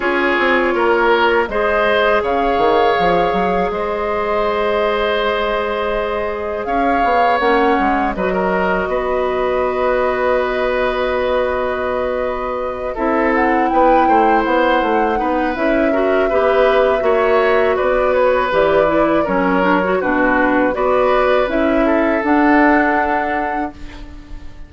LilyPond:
<<
  \new Staff \with { instrumentName = "flute" } { \time 4/4 \tempo 4 = 81 cis''2 dis''4 f''4~ | f''4 dis''2.~ | dis''4 f''4 fis''4 dis''4~ | dis''1~ |
dis''4. e''8 fis''8 g''4 fis''8~ | fis''4 e''2. | d''8 cis''8 d''4 cis''4 b'4 | d''4 e''4 fis''2 | }
  \new Staff \with { instrumentName = "oboe" } { \time 4/4 gis'4 ais'4 c''4 cis''4~ | cis''4 c''2.~ | c''4 cis''2 b'16 ais'8. | b'1~ |
b'4. a'4 b'8 c''4~ | c''8 b'4 ais'8 b'4 cis''4 | b'2 ais'4 fis'4 | b'4. a'2~ a'8 | }
  \new Staff \with { instrumentName = "clarinet" } { \time 4/4 f'2 gis'2~ | gis'1~ | gis'2 cis'4 fis'4~ | fis'1~ |
fis'4. e'2~ e'8~ | e'8 dis'8 e'8 fis'8 g'4 fis'4~ | fis'4 g'8 e'8 cis'8 d'16 fis'16 d'4 | fis'4 e'4 d'2 | }
  \new Staff \with { instrumentName = "bassoon" } { \time 4/4 cis'8 c'8 ais4 gis4 cis8 dis8 | f8 fis8 gis2.~ | gis4 cis'8 b8 ais8 gis8 fis4 | b1~ |
b4. c'4 b8 a8 b8 | a8 b8 cis'4 b4 ais4 | b4 e4 fis4 b,4 | b4 cis'4 d'2 | }
>>